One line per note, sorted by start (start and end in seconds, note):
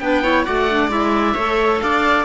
0.00 0.46 B3
0.00 0.23 D4
0.00 0.23 B4
0.00 0.45 G5
0.23 0.45 E4
0.23 0.45 C#5
0.45 0.89 A3
0.45 0.68 F#4
0.45 1.34 D5
0.45 0.90 F#5
0.70 0.90 D4
0.89 1.34 G#3
0.89 1.35 E4
0.89 1.80 E5
1.34 1.81 A3
1.34 2.25 A4
1.34 1.80 C#5
1.80 2.25 D4
1.80 2.25 D5
1.80 2.25 F5